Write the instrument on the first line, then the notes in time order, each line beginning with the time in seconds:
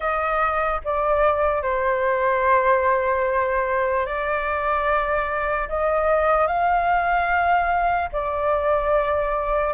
flute
0.00 D#5
0.84 D5
1.62 C5
4.06 D5
5.68 D#5
6.46 F5
8.12 D5